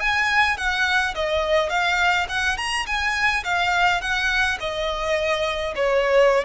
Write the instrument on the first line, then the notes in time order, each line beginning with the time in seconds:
violin
0.00 G#5
0.57 F#5
1.15 D#5
1.69 F5
2.29 F#5
2.57 A#5
2.86 G#5
3.44 F5
4.01 F#5
4.60 D#5
5.75 C#5